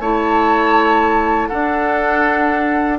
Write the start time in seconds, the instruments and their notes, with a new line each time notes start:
0.00 bassoon A3, clarinet E4, oboe C#5, flute A5
1.48 clarinet D4, bassoon D4, oboe A4, flute F#5